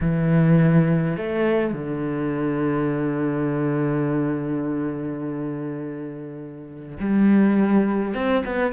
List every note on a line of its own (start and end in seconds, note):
0.01 1.17 E3
1.17 1.73 A3
1.73 6.97 D3
7.00 8.14 G3
8.14 8.43 C4
8.45 8.72 B3